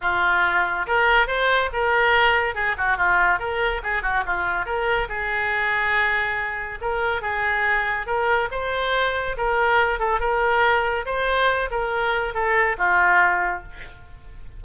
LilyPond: \new Staff \with { instrumentName = "oboe" } { \time 4/4 \tempo 4 = 141 f'2 ais'4 c''4 | ais'2 gis'8 fis'8 f'4 | ais'4 gis'8 fis'8 f'4 ais'4 | gis'1 |
ais'4 gis'2 ais'4 | c''2 ais'4. a'8 | ais'2 c''4. ais'8~ | ais'4 a'4 f'2 | }